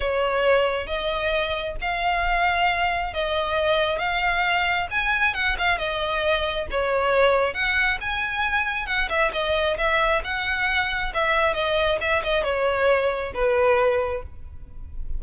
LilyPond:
\new Staff \with { instrumentName = "violin" } { \time 4/4 \tempo 4 = 135 cis''2 dis''2 | f''2. dis''4~ | dis''4 f''2 gis''4 | fis''8 f''8 dis''2 cis''4~ |
cis''4 fis''4 gis''2 | fis''8 e''8 dis''4 e''4 fis''4~ | fis''4 e''4 dis''4 e''8 dis''8 | cis''2 b'2 | }